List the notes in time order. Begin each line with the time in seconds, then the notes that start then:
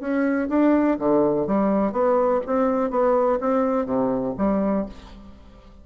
0.00 C#4
0.49 D4
0.99 D3
1.47 G3
1.92 B3
2.47 C4
2.91 B3
3.40 C4
3.86 C3
4.38 G3